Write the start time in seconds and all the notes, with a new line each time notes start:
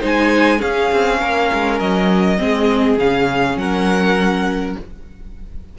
0.00 G#3 D#4 C5 G#5
0.58 C#4 G#4 F5
0.92 C4
1.20 A#3 A#4
1.54 G#3
1.79 F#3 D#5
2.38 G#3 C4 G#4
2.97 C#3 C#4 F5
3.57 F#3 A#4 F#5